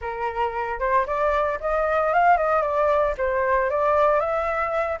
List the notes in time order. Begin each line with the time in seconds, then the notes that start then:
0.01 A#4
0.79 C5
1.06 D5
1.60 D#5
2.13 F5
2.37 D#5
2.61 D5
3.17 C5
3.70 D5
4.20 E5